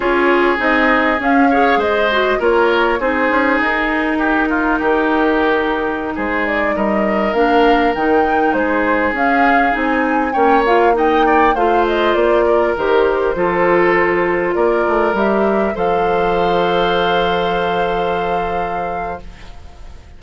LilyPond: <<
  \new Staff \with { instrumentName = "flute" } { \time 4/4 \tempo 4 = 100 cis''4 dis''4 f''4 dis''4 | cis''4 c''4 ais'2~ | ais'2~ ais'16 c''8 d''8 dis''8.~ | dis''16 f''4 g''4 c''4 f''8.~ |
f''16 gis''4 g''8 f''8 g''4 f''8 dis''16~ | dis''16 d''4 c''2~ c''8.~ | c''16 d''4 e''4 f''4.~ f''16~ | f''1 | }
  \new Staff \with { instrumentName = "oboe" } { \time 4/4 gis'2~ gis'8 cis''8 c''4 | ais'4 gis'2 g'8 f'8 | g'2~ g'16 gis'4 ais'8.~ | ais'2~ ais'16 gis'4.~ gis'16~ |
gis'4~ gis'16 cis''4 dis''8 d''8 c''8.~ | c''8. ais'4. a'4.~ a'16~ | a'16 ais'2 c''4.~ c''16~ | c''1 | }
  \new Staff \with { instrumentName = "clarinet" } { \time 4/4 f'4 dis'4 cis'8 gis'4 fis'8 | f'4 dis'2.~ | dis'1~ | dis'16 d'4 dis'2 cis'8.~ |
cis'16 dis'4 cis'8 f'8 dis'4 f'8.~ | f'4~ f'16 g'4 f'4.~ f'16~ | f'4~ f'16 g'4 a'4.~ a'16~ | a'1 | }
  \new Staff \with { instrumentName = "bassoon" } { \time 4/4 cis'4 c'4 cis'4 gis4 | ais4 c'8 cis'8 dis'2 | dis2~ dis16 gis4 g8.~ | g16 ais4 dis4 gis4 cis'8.~ |
cis'16 c'4 ais2 a8.~ | a16 ais4 dis4 f4.~ f16~ | f16 ais8 a8 g4 f4.~ f16~ | f1 | }
>>